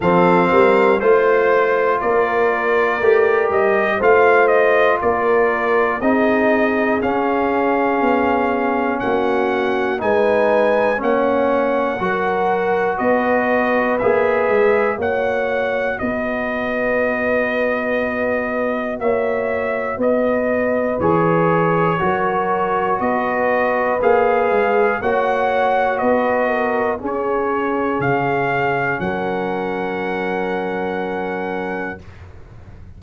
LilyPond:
<<
  \new Staff \with { instrumentName = "trumpet" } { \time 4/4 \tempo 4 = 60 f''4 c''4 d''4. dis''8 | f''8 dis''8 d''4 dis''4 f''4~ | f''4 fis''4 gis''4 fis''4~ | fis''4 dis''4 e''4 fis''4 |
dis''2. e''4 | dis''4 cis''2 dis''4 | f''4 fis''4 dis''4 cis''4 | f''4 fis''2. | }
  \new Staff \with { instrumentName = "horn" } { \time 4/4 a'8 ais'8 c''4 ais'2 | c''4 ais'4 gis'2~ | gis'4 fis'4 b'4 cis''4 | ais'4 b'2 cis''4 |
b'2. cis''4 | b'2 ais'4 b'4~ | b'4 cis''4 b'8 ais'8 gis'4~ | gis'4 ais'2. | }
  \new Staff \with { instrumentName = "trombone" } { \time 4/4 c'4 f'2 g'4 | f'2 dis'4 cis'4~ | cis'2 dis'4 cis'4 | fis'2 gis'4 fis'4~ |
fis'1~ | fis'4 gis'4 fis'2 | gis'4 fis'2 cis'4~ | cis'1 | }
  \new Staff \with { instrumentName = "tuba" } { \time 4/4 f8 g8 a4 ais4 a8 g8 | a4 ais4 c'4 cis'4 | b4 ais4 gis4 ais4 | fis4 b4 ais8 gis8 ais4 |
b2. ais4 | b4 e4 fis4 b4 | ais8 gis8 ais4 b4 cis'4 | cis4 fis2. | }
>>